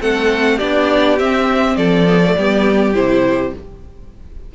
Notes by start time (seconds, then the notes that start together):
0.00 A3 C4 A4 F#5
0.57 B3 D4 G4 D5
1.18 C4 E5
1.76 F3 A4 D5
2.07 B3
2.23 A3
2.37 G3 B3 G4
2.94 C3 E4 C5